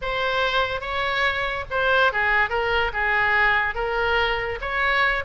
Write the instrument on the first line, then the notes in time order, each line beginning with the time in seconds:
oboe
0.01 C5
0.81 C#5
1.70 C5
2.12 G#4
2.49 A#4
2.93 G#4
3.75 A#4
4.61 C#5